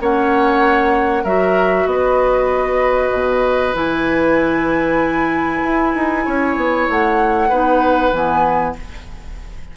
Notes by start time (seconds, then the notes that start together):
0.00 A#3 C#4 C#5 F#5
1.23 F#3 F#4 A#4 E5
1.86 B3 B4 D#5
3.11 B2
3.73 E3 E4 G#5
5.62 E4
5.94 D#4
6.24 C#4 C#5
6.56 B3
6.89 A3 F#5
7.48 B3 D#4 B4
8.12 E3 B3 G#5